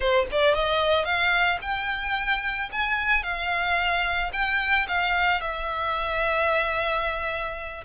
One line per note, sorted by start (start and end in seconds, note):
0.00 0.26 C5
0.31 0.54 D5
0.54 1.04 D#5
1.04 1.58 F5
1.61 2.69 G5
2.71 3.23 G#5
3.23 4.31 F5
4.32 4.86 G5
4.88 5.41 F5
5.41 7.84 E5